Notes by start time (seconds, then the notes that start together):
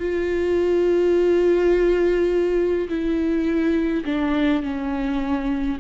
0.00 F4
2.90 E4
4.05 D4
4.63 C#4